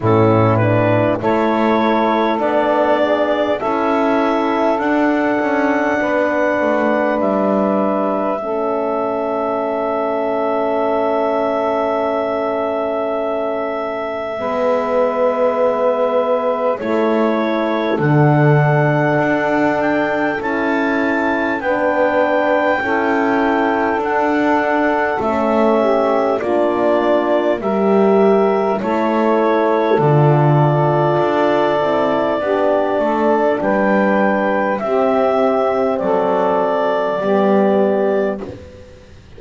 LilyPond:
<<
  \new Staff \with { instrumentName = "clarinet" } { \time 4/4 \tempo 4 = 50 a'8 b'8 cis''4 d''4 e''4 | fis''2 e''2~ | e''1~ | e''2 cis''4 fis''4~ |
fis''8 g''8 a''4 g''2 | fis''4 e''4 d''4 e''4 | cis''4 d''2. | g''4 e''4 d''2 | }
  \new Staff \with { instrumentName = "saxophone" } { \time 4/4 e'4 a'4. gis'8 a'4~ | a'4 b'2 a'4~ | a'1 | b'2 a'2~ |
a'2 b'4 a'4~ | a'4. g'8 f'4 ais'4 | a'2. g'8 a'8 | b'4 g'4 a'4 g'4 | }
  \new Staff \with { instrumentName = "horn" } { \time 4/4 cis'8 d'8 e'4 d'4 e'4 | d'2. cis'4~ | cis'1 | b2 e'4 d'4~ |
d'4 e'4 d'4 e'4 | d'4 cis'4 d'4 g'4 | e'4 f'4. e'8 d'4~ | d'4 c'2 b4 | }
  \new Staff \with { instrumentName = "double bass" } { \time 4/4 a,4 a4 b4 cis'4 | d'8 cis'8 b8 a8 g4 a4~ | a1 | gis2 a4 d4 |
d'4 cis'4 b4 cis'4 | d'4 a4 ais4 g4 | a4 d4 d'8 c'8 b8 a8 | g4 c'4 fis4 g4 | }
>>